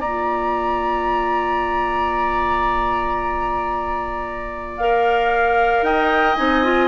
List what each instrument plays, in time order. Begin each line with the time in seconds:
0.00 bassoon A#3, clarinet F4, oboe D5, flute A#5
4.78 clarinet A#4, flute F5
5.82 bassoon D#4, oboe D#5, flute G5
6.36 bassoon C4, clarinet D#4, flute G#5
6.64 clarinet F4